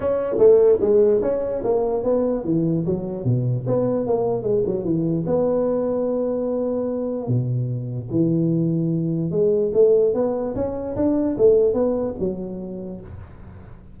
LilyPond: \new Staff \with { instrumentName = "tuba" } { \time 4/4 \tempo 4 = 148 cis'4 a4 gis4 cis'4 | ais4 b4 e4 fis4 | b,4 b4 ais4 gis8 fis8 | e4 b2.~ |
b2 b,2 | e2. gis4 | a4 b4 cis'4 d'4 | a4 b4 fis2 | }